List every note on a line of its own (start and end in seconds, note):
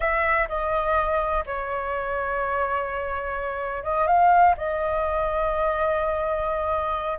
0.00 0.48 E5
0.48 1.44 D#5
1.46 3.83 C#5
3.83 4.07 D#5
4.07 4.55 F5
4.57 7.18 D#5